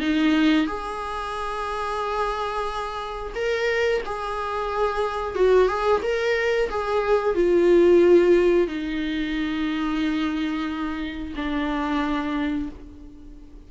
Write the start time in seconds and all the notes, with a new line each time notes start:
0.00 D#4
0.66 G#4
3.35 A#4
4.05 G#4
5.35 F#4
5.68 G#4
6.02 A#4
6.70 G#4
7.35 F4
8.67 D#4
11.36 D4